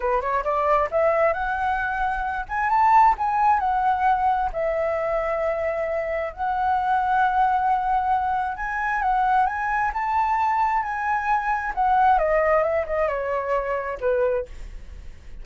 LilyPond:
\new Staff \with { instrumentName = "flute" } { \time 4/4 \tempo 4 = 133 b'8 cis''8 d''4 e''4 fis''4~ | fis''4. gis''8 a''4 gis''4 | fis''2 e''2~ | e''2 fis''2~ |
fis''2. gis''4 | fis''4 gis''4 a''2 | gis''2 fis''4 dis''4 | e''8 dis''8 cis''2 b'4 | }